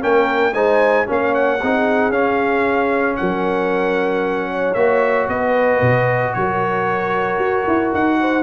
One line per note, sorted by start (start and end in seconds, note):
0.00 0.54 A#3
0.00 0.53 C#4
0.00 0.53 A#4
0.00 0.53 G5
0.53 1.06 G#3
0.53 1.05 D#4
0.53 1.06 C5
0.53 1.06 G#5
1.05 1.62 A#3
1.05 1.58 C#4
1.05 1.61 C#5
1.12 1.34 F5
1.34 2.12 F#5
1.62 2.09 C4
1.62 2.12 D#4
1.62 3.19 G#4
2.09 3.15 C#4
2.09 4.75 C#4
2.09 3.16 F5
3.16 4.75 F#3
3.16 4.51 A#4
3.16 4.74 F#5
4.51 5.29 C#5
4.74 5.27 A#3
4.74 8.43 F#4
4.74 5.26 E5
5.28 5.80 B3
5.28 6.34 B4
5.28 6.33 D#5
5.81 6.34 B2
6.33 7.38 F#3
6.33 8.20 A#4
6.33 7.91 C#5
7.38 7.64 F#4
7.67 7.93 E4
7.93 8.43 D#4
7.93 8.43 F#5
8.20 8.43 C5